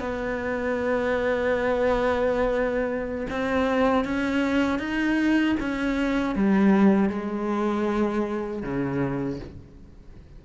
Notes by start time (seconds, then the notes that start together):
0.00 B3
3.30 C4
4.05 C#4
4.79 D#4
5.60 C#4
6.35 G3
7.09 G#3
8.63 C#3